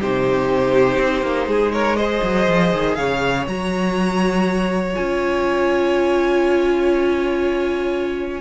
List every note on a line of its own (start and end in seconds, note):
0.00 0.97 C3
0.00 1.98 D#4
0.00 1.48 G4
0.00 1.73 C5
0.97 1.22 C4
1.22 1.47 A#3
1.47 2.21 G#3
1.47 1.73 G#4
1.73 1.97 A#4
1.73 1.96 C#5
1.96 3.46 G#4
1.96 2.97 C5
1.96 2.95 D#5
2.23 2.48 F#3
2.48 2.73 F3
2.73 2.98 D#3
2.95 3.47 C#3
2.95 8.41 C#5
2.95 3.45 F5
3.47 4.96 F#3
3.47 4.94 F#4
3.47 4.95 A#5
4.94 8.41 C#4
4.94 8.41 F4
4.94 8.41 G#5